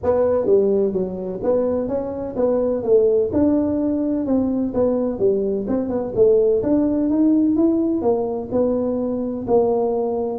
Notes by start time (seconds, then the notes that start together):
0.03 B3
0.46 G3
0.92 F#3
1.43 B3
1.88 C#4
2.36 B3
2.83 A3
3.32 D4
4.25 C4
4.74 B3
5.18 G3
5.67 C4
5.89 B3
6.15 A3
6.62 D4
7.09 D#4
7.56 E4
8.01 A#3
8.51 B3
9.47 A#3